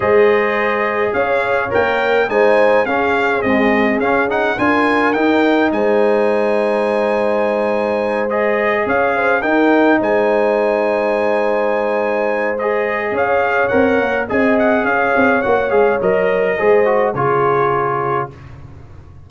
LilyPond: <<
  \new Staff \with { instrumentName = "trumpet" } { \time 4/4 \tempo 4 = 105 dis''2 f''4 g''4 | gis''4 f''4 dis''4 f''8 fis''8 | gis''4 g''4 gis''2~ | gis''2~ gis''8 dis''4 f''8~ |
f''8 g''4 gis''2~ gis''8~ | gis''2 dis''4 f''4 | fis''4 gis''8 fis''8 f''4 fis''8 f''8 | dis''2 cis''2 | }
  \new Staff \with { instrumentName = "horn" } { \time 4/4 c''2 cis''2 | c''4 gis'2. | ais'2 c''2~ | c''2.~ c''8 cis''8 |
c''8 ais'4 c''2~ c''8~ | c''2. cis''4~ | cis''4 dis''4 cis''2~ | cis''4 c''4 gis'2 | }
  \new Staff \with { instrumentName = "trombone" } { \time 4/4 gis'2. ais'4 | dis'4 cis'4 gis4 cis'8 dis'8 | f'4 dis'2.~ | dis'2~ dis'8 gis'4.~ |
gis'8 dis'2.~ dis'8~ | dis'2 gis'2 | ais'4 gis'2 fis'8 gis'8 | ais'4 gis'8 fis'8 f'2 | }
  \new Staff \with { instrumentName = "tuba" } { \time 4/4 gis2 cis'4 ais4 | gis4 cis'4 c'4 cis'4 | d'4 dis'4 gis2~ | gis2.~ gis8 cis'8~ |
cis'8 dis'4 gis2~ gis8~ | gis2. cis'4 | c'8 ais8 c'4 cis'8 c'8 ais8 gis8 | fis4 gis4 cis2 | }
>>